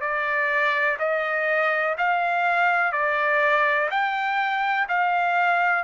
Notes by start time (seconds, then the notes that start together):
0.00 D5
0.99 D#5
1.98 F5
2.92 D5
3.90 G5
4.88 F5